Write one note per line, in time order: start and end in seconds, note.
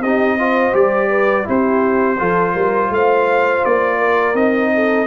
0.00 0.72 C4
0.00 0.38 D#4
0.00 0.37 G4
0.00 0.74 D#5
0.38 0.72 F4
0.38 1.09 C5
0.72 1.45 G3
0.72 1.44 G4
0.72 1.47 D5
1.09 1.45 B4
1.44 2.20 C4
1.44 2.16 E4
1.44 2.19 G4
1.44 2.93 C5
2.18 2.55 F3
2.18 4.34 F4
2.18 2.53 A4
2.53 2.89 G3
2.53 2.89 A#4
2.89 3.62 A3
2.89 3.98 C5
2.89 3.65 F5
3.64 4.33 A#3
3.64 4.35 D5
3.98 4.70 A#4
4.33 5.06 C4
4.33 5.07 D#4
4.33 5.07 D#5
4.73 5.07 A4